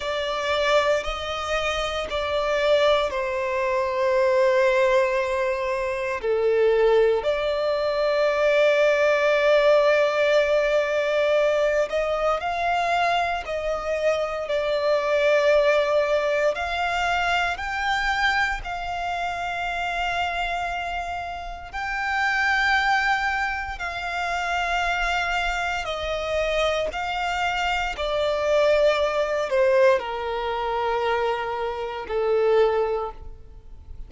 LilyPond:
\new Staff \with { instrumentName = "violin" } { \time 4/4 \tempo 4 = 58 d''4 dis''4 d''4 c''4~ | c''2 a'4 d''4~ | d''2.~ d''8 dis''8 | f''4 dis''4 d''2 |
f''4 g''4 f''2~ | f''4 g''2 f''4~ | f''4 dis''4 f''4 d''4~ | d''8 c''8 ais'2 a'4 | }